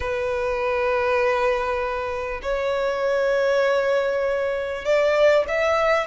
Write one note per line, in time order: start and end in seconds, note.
0.00 2.40 B4
2.42 4.84 C#5
4.84 5.45 D5
5.47 6.07 E5